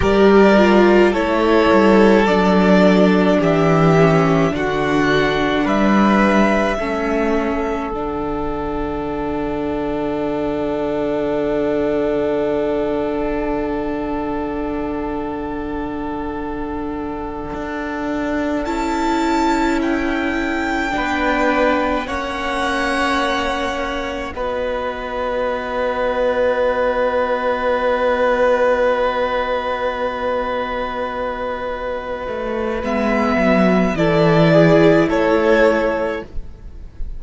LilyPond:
<<
  \new Staff \with { instrumentName = "violin" } { \time 4/4 \tempo 4 = 53 d''4 cis''4 d''4 e''4 | fis''4 e''2 fis''4~ | fis''1~ | fis''1~ |
fis''8 a''4 g''2 fis''8~ | fis''4. dis''2~ dis''8~ | dis''1~ | dis''4 e''4 d''4 cis''4 | }
  \new Staff \with { instrumentName = "violin" } { \time 4/4 ais'4 a'2 g'4 | fis'4 b'4 a'2~ | a'1~ | a'1~ |
a'2~ a'8 b'4 cis''8~ | cis''4. b'2~ b'8~ | b'1~ | b'2 a'8 gis'8 a'4 | }
  \new Staff \with { instrumentName = "viola" } { \time 4/4 g'8 f'8 e'4 d'4. cis'8 | d'2 cis'4 d'4~ | d'1~ | d'1~ |
d'8 e'2 d'4 cis'8~ | cis'4. fis'2~ fis'8~ | fis'1~ | fis'4 b4 e'2 | }
  \new Staff \with { instrumentName = "cello" } { \time 4/4 g4 a8 g8 fis4 e4 | d4 g4 a4 d4~ | d1~ | d2.~ d8 d'8~ |
d'8 cis'2 b4 ais8~ | ais4. b2~ b8~ | b1~ | b8 a8 gis8 fis8 e4 a4 | }
>>